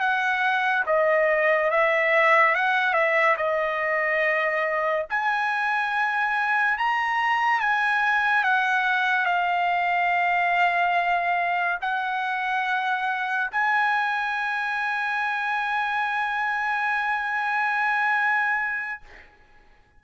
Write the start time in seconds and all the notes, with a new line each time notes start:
0.00 F#5
0.86 D#5
1.71 E5
2.55 F#5
2.94 E5
3.37 D#5
5.10 G#5
6.78 A#5
7.60 G#5
8.44 F#5
9.25 F5
11.82 F#5
13.52 G#5